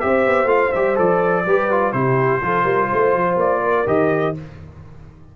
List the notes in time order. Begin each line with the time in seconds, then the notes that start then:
0.00 C4 G4 C5 E5
0.27 B3
0.44 A3 F4 F5
0.72 G3 G4 E5
0.96 F3 A4 D5
1.46 G3 G4 B4
1.71 F4
1.92 C3 E4 G4 C5
2.42 F3 F4 A4
2.64 G3 A#4
2.90 A3 C5
3.14 F3
3.36 A#3 D5
3.63 A#4
3.86 D#3 G4 D#5